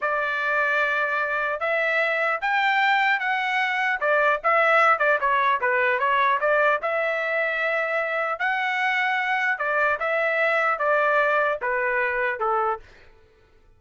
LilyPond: \new Staff \with { instrumentName = "trumpet" } { \time 4/4 \tempo 4 = 150 d''1 | e''2 g''2 | fis''2 d''4 e''4~ | e''8 d''8 cis''4 b'4 cis''4 |
d''4 e''2.~ | e''4 fis''2. | d''4 e''2 d''4~ | d''4 b'2 a'4 | }